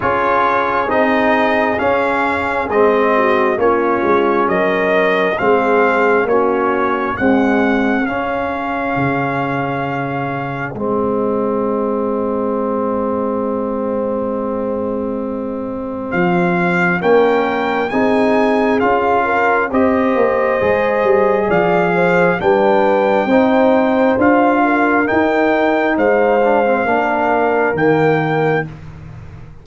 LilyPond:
<<
  \new Staff \with { instrumentName = "trumpet" } { \time 4/4 \tempo 4 = 67 cis''4 dis''4 f''4 dis''4 | cis''4 dis''4 f''4 cis''4 | fis''4 f''2. | dis''1~ |
dis''2 f''4 g''4 | gis''4 f''4 dis''2 | f''4 g''2 f''4 | g''4 f''2 g''4 | }
  \new Staff \with { instrumentName = "horn" } { \time 4/4 gis'2.~ gis'8 fis'8 | f'4 ais'4 gis'4 fis'4 | gis'1~ | gis'1~ |
gis'2. ais'4 | gis'4. ais'8 c''2 | d''8 c''8 b'4 c''4. ais'8~ | ais'4 c''4 ais'2 | }
  \new Staff \with { instrumentName = "trombone" } { \time 4/4 f'4 dis'4 cis'4 c'4 | cis'2 c'4 cis'4 | gis4 cis'2. | c'1~ |
c'2. cis'4 | dis'4 f'4 g'4 gis'4~ | gis'4 d'4 dis'4 f'4 | dis'4. d'16 c'16 d'4 ais4 | }
  \new Staff \with { instrumentName = "tuba" } { \time 4/4 cis'4 c'4 cis'4 gis4 | ais8 gis8 fis4 gis4 ais4 | c'4 cis'4 cis2 | gis1~ |
gis2 f4 ais4 | c'4 cis'4 c'8 ais8 gis8 g8 | f4 g4 c'4 d'4 | dis'4 gis4 ais4 dis4 | }
>>